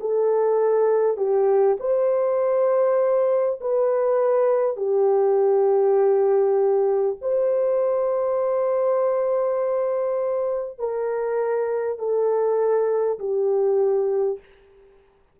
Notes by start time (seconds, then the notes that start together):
0.00 A4
1.17 G4
1.79 C5
3.61 B4
4.77 G4
7.22 C5
10.79 A#4
11.98 A4
13.19 G4